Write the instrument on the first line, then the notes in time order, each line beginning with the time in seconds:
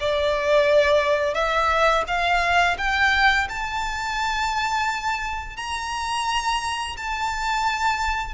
violin
0.00 D5
1.34 E5
2.07 F5
2.78 G5
3.49 A5
5.57 A#5
6.97 A5